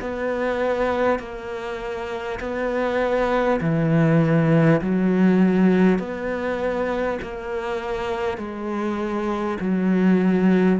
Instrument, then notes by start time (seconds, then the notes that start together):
cello
0.00 B3
1.19 A#3
2.40 B3
3.60 E3
4.81 F#3
5.98 B3
7.22 A#3
8.37 G#3
9.60 F#3